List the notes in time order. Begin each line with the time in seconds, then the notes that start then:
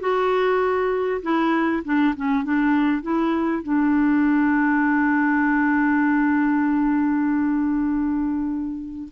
0.00 F#4
1.22 E4
1.84 D4
2.16 C#4
2.43 D4
3.02 E4
3.63 D4